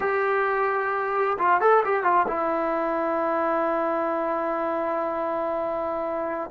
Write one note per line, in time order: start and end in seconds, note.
0.00 1.37 G4
1.38 1.60 F4
1.60 1.83 A4
1.84 2.03 G4
2.03 2.26 F4
2.27 6.50 E4